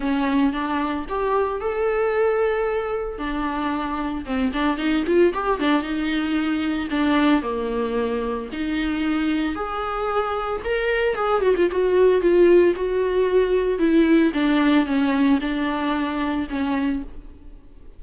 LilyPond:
\new Staff \with { instrumentName = "viola" } { \time 4/4 \tempo 4 = 113 cis'4 d'4 g'4 a'4~ | a'2 d'2 | c'8 d'8 dis'8 f'8 g'8 d'8 dis'4~ | dis'4 d'4 ais2 |
dis'2 gis'2 | ais'4 gis'8 fis'16 f'16 fis'4 f'4 | fis'2 e'4 d'4 | cis'4 d'2 cis'4 | }